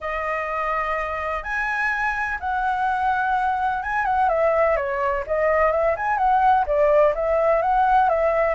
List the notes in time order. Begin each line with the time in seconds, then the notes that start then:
0.00 D#5
1.43 G#5
2.40 F#5
3.82 G#5
4.05 F#5
4.28 E5
4.76 C#5
5.27 D#5
5.71 E5
5.96 G#5
6.17 F#5
6.66 D5
7.14 E5
7.62 F#5
8.09 E5